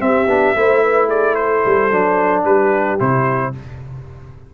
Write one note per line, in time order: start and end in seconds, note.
0.00 0.27 C4
0.00 0.57 G4
0.00 1.09 E5
0.27 0.54 B3
0.27 0.55 D4
0.56 1.64 A3
0.56 1.91 E4
0.56 0.83 C5
0.83 1.07 B4
1.07 1.34 G#4
1.07 1.35 D5
1.35 2.45 A4
1.35 2.43 C5
1.65 1.92 G3
1.91 2.45 F#3
1.91 2.99 D4
2.45 2.99 G3
2.45 3.53 G4
2.45 2.99 B4
2.99 3.54 C3
2.99 3.53 E4
2.99 3.54 C5